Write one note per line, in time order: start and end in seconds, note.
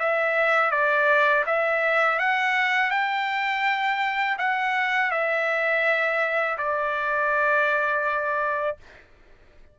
0.00 0.72 E5
0.72 1.45 D5
1.47 2.20 E5
2.20 2.91 F#5
2.91 4.37 G5
4.39 5.12 F#5
5.12 6.58 E5
6.58 8.78 D5